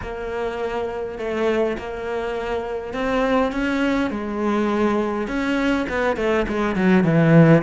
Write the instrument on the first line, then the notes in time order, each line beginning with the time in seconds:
cello
0.02 A#3
1.18 A3
1.78 A#3
2.93 C4
3.52 C#4
4.10 G#3
5.27 C#4
5.88 B3
6.16 A3
6.47 G#3
6.75 F#3
7.04 E3